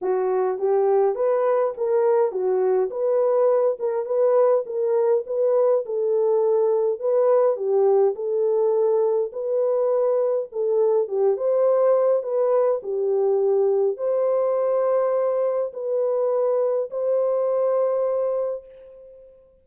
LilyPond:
\new Staff \with { instrumentName = "horn" } { \time 4/4 \tempo 4 = 103 fis'4 g'4 b'4 ais'4 | fis'4 b'4. ais'8 b'4 | ais'4 b'4 a'2 | b'4 g'4 a'2 |
b'2 a'4 g'8 c''8~ | c''4 b'4 g'2 | c''2. b'4~ | b'4 c''2. | }